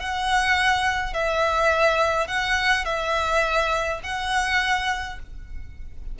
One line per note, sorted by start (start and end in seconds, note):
0.00 1.14 F#5
1.14 2.28 E5
2.28 2.85 F#5
2.85 4.01 E5
4.04 5.19 F#5